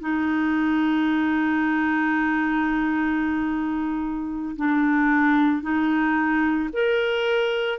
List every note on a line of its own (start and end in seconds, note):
0.00 4.55 D#4
4.56 5.62 D4
5.62 6.69 D#4
6.73 7.78 A#4